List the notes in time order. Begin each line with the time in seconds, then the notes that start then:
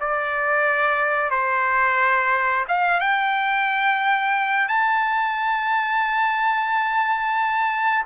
0.00 D5
1.30 C5
2.68 F5
3.00 G5
4.68 A5